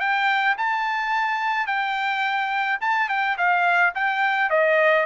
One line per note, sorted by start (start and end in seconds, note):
0.00 0.56 G5
0.58 1.67 A5
1.67 2.79 G5
2.81 3.09 A5
3.09 3.37 G5
3.37 3.94 F5
3.95 4.50 G5
4.50 5.06 D#5